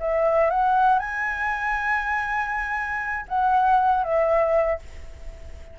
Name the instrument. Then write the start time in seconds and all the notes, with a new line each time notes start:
flute
0.00 E5
0.50 F#5
0.99 G#5
3.28 F#5
4.04 E5